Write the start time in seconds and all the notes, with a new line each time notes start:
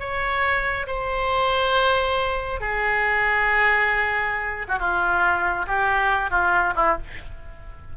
0.00 C#5
0.87 C5
2.61 G#4
4.69 F#4
4.80 F4
5.68 G4
6.31 F4
6.76 E4